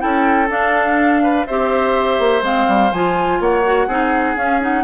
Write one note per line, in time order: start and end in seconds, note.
0.00 0.50 C#4
0.00 0.48 E4
0.00 1.23 A4
0.00 0.49 G5
0.50 1.47 D4
0.50 1.47 F5
1.23 1.47 B4
1.47 2.19 C4
1.47 2.43 G4
1.47 3.41 C5
1.47 2.44 E5
2.19 2.42 A#3
2.42 2.66 G#3
2.42 2.92 C4
2.42 2.93 F5
2.68 2.92 G3
2.92 3.40 F3
2.92 3.64 F4
2.92 3.42 G#5
3.40 3.88 A#3
3.40 3.88 C#5
3.40 4.37 F#5
3.64 3.88 F#4
3.88 4.36 C4
3.88 4.38 D#4
3.88 4.85 G#4
4.36 4.84 C#4
4.36 4.61 C#4
4.36 4.62 F5
4.61 4.85 D#4
4.61 4.85 F#5